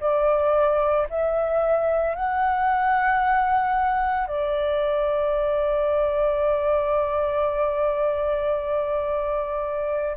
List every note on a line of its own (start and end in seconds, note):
0.00 1.07 D5
1.10 2.15 E5
2.15 4.27 F#5
4.27 10.16 D5